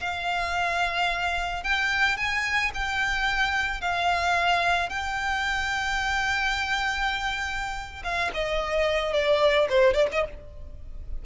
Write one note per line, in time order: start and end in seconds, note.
0.00 1.63 F5
1.63 2.17 G5
2.17 2.71 G#5
2.74 3.81 G5
3.81 4.89 F5
4.89 8.03 G5
8.04 8.31 F5
8.34 9.13 D#5
9.13 9.68 D5
9.69 9.93 C5
9.93 10.07 D5
10.12 10.25 D#5